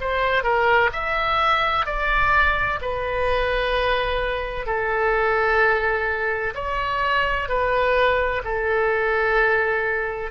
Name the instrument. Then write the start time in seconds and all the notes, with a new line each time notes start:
oboe
0.00 C5
0.43 A#4
0.92 E5
1.85 D5
2.81 B4
4.66 A4
6.55 C#5
7.48 B4
8.44 A4